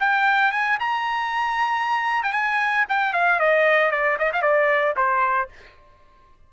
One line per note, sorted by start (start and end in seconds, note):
0.00 0.52 G5
0.52 0.78 G#5
0.80 2.23 A#5
2.23 2.33 G5
2.33 2.85 G#5
2.89 3.13 G5
3.13 3.39 F5
3.40 3.91 D#5
3.91 4.17 D5
4.19 4.32 D#5
4.33 4.42 F5
4.42 4.95 D5
4.96 5.49 C5